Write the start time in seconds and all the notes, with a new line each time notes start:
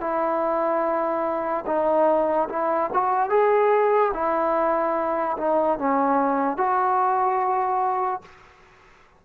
0.00 E4
1.66 D#4
2.49 E4
2.93 F#4
3.29 G#4
4.13 E4
5.37 D#4
5.78 C#4
6.57 F#4